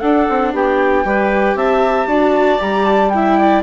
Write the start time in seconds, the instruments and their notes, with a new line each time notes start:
0.00 viola D4, bassoon D4, clarinet A4, flute F#5
0.29 bassoon C4
0.53 bassoon B3, clarinet G4, flute G5
1.05 bassoon G3, viola G4, clarinet B4
1.55 bassoon C4, clarinet E5, flute A5
2.07 bassoon D4, viola F#4, clarinet D5
2.59 bassoon G3, viola G4, flute A#5
2.86 flute A5
3.10 viola E4, clarinet E5, flute G5
3.39 clarinet D5